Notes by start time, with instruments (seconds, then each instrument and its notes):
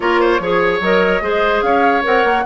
0.00 bassoon A#3, clarinet F4, oboe A#4, flute C#5
0.20 oboe C5
0.39 bassoon F3, clarinet G#4, oboe C#5
0.80 bassoon F#3, clarinet A#4, flute D#5
1.21 bassoon G#3, clarinet G#4, oboe C5
1.61 bassoon C#4, oboe C#5, flute F5
2.02 bassoon C4, clarinet A#4, flute F#5
2.23 bassoon A#3